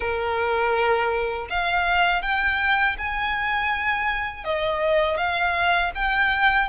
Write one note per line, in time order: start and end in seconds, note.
0.00 1.48 A#4
1.49 2.22 F5
2.22 2.96 G5
2.98 4.44 G#5
4.44 5.17 D#5
5.17 5.91 F5
5.95 6.69 G5